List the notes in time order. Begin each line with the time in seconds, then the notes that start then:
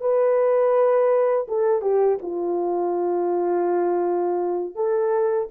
0.00 B4
1.47 A4
1.81 G4
2.22 F4
4.75 A4